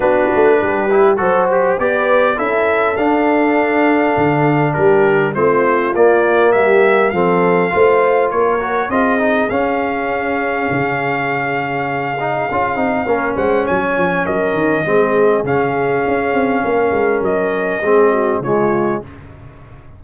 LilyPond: <<
  \new Staff \with { instrumentName = "trumpet" } { \time 4/4 \tempo 4 = 101 b'2 a'8 g'8 d''4 | e''4 f''2. | ais'4 c''4 d''4 e''4 | f''2 cis''4 dis''4 |
f''1~ | f''2~ f''8 fis''8 gis''4 | dis''2 f''2~ | f''4 dis''2 cis''4 | }
  \new Staff \with { instrumentName = "horn" } { \time 4/4 fis'4 g'4 c''4 b'4 | a'1 | g'4 f'2 g'4 | a'4 c''4 ais'4 gis'4~ |
gis'1~ | gis'2 ais'8 c''8 cis''4 | ais'4 gis'2. | ais'2 gis'8 fis'8 f'4 | }
  \new Staff \with { instrumentName = "trombone" } { \time 4/4 d'4. e'8 fis'4 g'4 | e'4 d'2.~ | d'4 c'4 ais2 | c'4 f'4. fis'8 f'8 dis'8 |
cis'1~ | cis'8 dis'8 f'8 dis'8 cis'2~ | cis'4 c'4 cis'2~ | cis'2 c'4 gis4 | }
  \new Staff \with { instrumentName = "tuba" } { \time 4/4 b8 a8 g4 fis4 b4 | cis'4 d'2 d4 | g4 a4 ais4 g4 | f4 a4 ais4 c'4 |
cis'2 cis2~ | cis4 cis'8 c'8 ais8 gis8 fis8 f8 | fis8 dis8 gis4 cis4 cis'8 c'8 | ais8 gis8 fis4 gis4 cis4 | }
>>